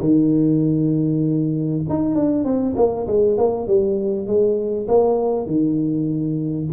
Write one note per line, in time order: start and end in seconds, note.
0.00 1.82 D#3
1.89 2.15 D#4
2.15 2.44 D4
2.44 2.74 C4
2.76 3.07 A#3
3.07 3.37 G#3
3.38 3.67 A#3
3.67 4.27 G3
4.27 4.87 G#3
4.88 5.46 A#3
5.46 6.67 D#3